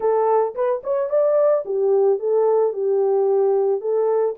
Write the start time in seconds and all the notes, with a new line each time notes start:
0.00 A4
0.54 B4
0.83 C#5
1.09 D5
1.65 G4
2.19 A4
2.73 G4
3.80 A4